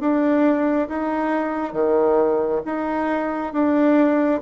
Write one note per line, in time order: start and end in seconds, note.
0.00 0.88 D4
0.89 1.73 D#4
1.73 2.61 D#3
2.65 3.53 D#4
3.53 4.41 D4